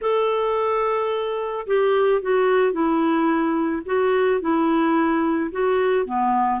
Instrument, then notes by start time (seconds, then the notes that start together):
clarinet
0.01 A4
1.66 G4
2.21 F#4
2.72 E4
3.85 F#4
4.40 E4
5.51 F#4
6.05 B3